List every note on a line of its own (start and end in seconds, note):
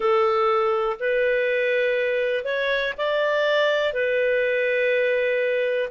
0.00 0.96 A4
0.99 2.44 B4
2.44 2.93 C#5
2.97 3.93 D5
3.93 5.89 B4